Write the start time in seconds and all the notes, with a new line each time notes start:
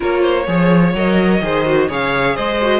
0.00 A#3 F4 A#4 C#5
0.21 C5
0.47 F3 G#4 C#5
0.94 F#3 A#4 D#5
1.40 D#3 G#4 C5
1.65 F#4
1.88 C#3 G#4 C#5 F5
2.35 G#3 C5 D#5
2.61 F#4